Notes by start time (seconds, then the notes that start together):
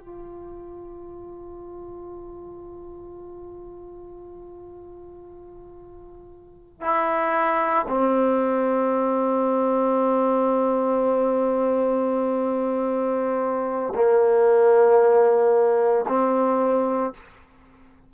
0.00 F4
6.81 E4
7.89 C4
13.95 A#3
16.09 C4